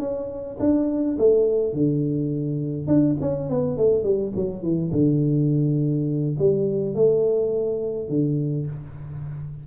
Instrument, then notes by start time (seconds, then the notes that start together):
tuba
0.00 C#4
0.60 D4
1.19 A3
1.74 D3
2.88 D4
3.21 C#4
3.50 B3
3.78 A3
4.04 G3
4.36 F#3
4.63 E3
4.92 D3
6.39 G3
6.95 A3
8.09 D3